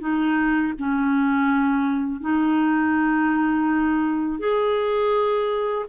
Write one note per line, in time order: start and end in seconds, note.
0.00 0.73 D#4
0.78 2.21 C#4
2.21 4.39 D#4
4.39 5.85 G#4